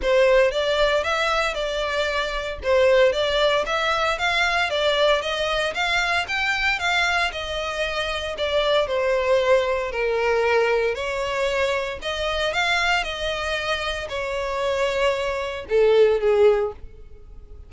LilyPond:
\new Staff \with { instrumentName = "violin" } { \time 4/4 \tempo 4 = 115 c''4 d''4 e''4 d''4~ | d''4 c''4 d''4 e''4 | f''4 d''4 dis''4 f''4 | g''4 f''4 dis''2 |
d''4 c''2 ais'4~ | ais'4 cis''2 dis''4 | f''4 dis''2 cis''4~ | cis''2 a'4 gis'4 | }